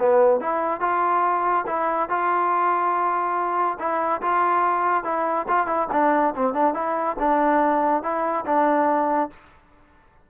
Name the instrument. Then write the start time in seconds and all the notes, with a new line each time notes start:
trombone
0.00 B3
0.41 E4
0.81 F4
1.67 E4
2.09 F4
3.79 E4
4.22 F4
5.04 E4
5.48 F4
5.67 E4
5.93 D4
6.36 C4
6.54 D4
6.74 E4
7.19 D4
8.03 E4
8.46 D4